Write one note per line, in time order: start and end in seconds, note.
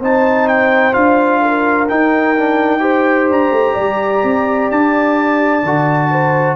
0.00 0.94 C4
0.00 0.93 D#4
0.00 1.41 C5
0.00 0.48 A5
0.48 0.94 G5
0.93 1.90 D4
0.93 1.86 F4
0.93 1.88 F5
1.42 2.81 A#4
1.89 2.37 D#4
1.89 3.30 D#4
1.89 3.29 G5
2.38 2.80 D4
2.80 5.61 G4
2.80 3.74 C5
3.30 3.52 D4
3.30 4.71 A#5
3.52 3.75 A3
3.74 4.24 G3
3.74 6.09 D5
4.24 4.71 C4
4.71 5.63 D4
4.71 6.56 A5
5.63 6.56 D3
5.63 6.56 F#4
6.11 6.56 C5